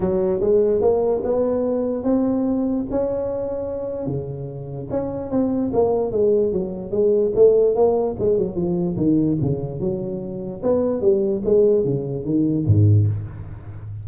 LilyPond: \new Staff \with { instrumentName = "tuba" } { \time 4/4 \tempo 4 = 147 fis4 gis4 ais4 b4~ | b4 c'2 cis'4~ | cis'2 cis2 | cis'4 c'4 ais4 gis4 |
fis4 gis4 a4 ais4 | gis8 fis8 f4 dis4 cis4 | fis2 b4 g4 | gis4 cis4 dis4 gis,4 | }